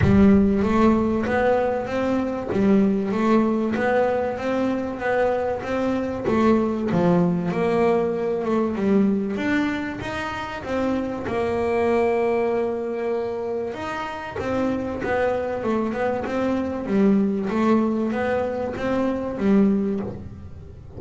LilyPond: \new Staff \with { instrumentName = "double bass" } { \time 4/4 \tempo 4 = 96 g4 a4 b4 c'4 | g4 a4 b4 c'4 | b4 c'4 a4 f4 | ais4. a8 g4 d'4 |
dis'4 c'4 ais2~ | ais2 dis'4 c'4 | b4 a8 b8 c'4 g4 | a4 b4 c'4 g4 | }